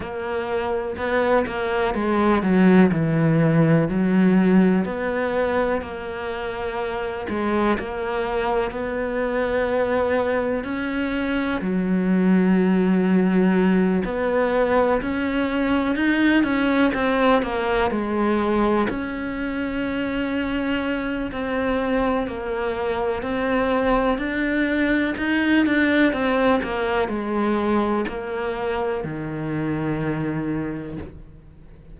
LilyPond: \new Staff \with { instrumentName = "cello" } { \time 4/4 \tempo 4 = 62 ais4 b8 ais8 gis8 fis8 e4 | fis4 b4 ais4. gis8 | ais4 b2 cis'4 | fis2~ fis8 b4 cis'8~ |
cis'8 dis'8 cis'8 c'8 ais8 gis4 cis'8~ | cis'2 c'4 ais4 | c'4 d'4 dis'8 d'8 c'8 ais8 | gis4 ais4 dis2 | }